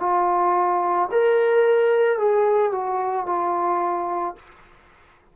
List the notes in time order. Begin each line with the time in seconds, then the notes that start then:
0.00 F4
1.12 A#4
2.18 G#4
2.72 F#4
3.26 F4